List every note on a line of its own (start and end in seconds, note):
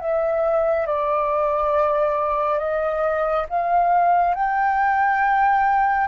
0.00 0.86 E5
0.86 2.58 D5
2.58 3.45 D#5
3.49 4.34 F5
4.34 6.08 G5